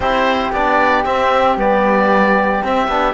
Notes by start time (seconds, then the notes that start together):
0.00 C4 E4 G4 C5
0.52 B3 D4 D5
1.04 C4 E5
1.57 G3 B3 D5
2.63 C4 E5
2.87 B3 D4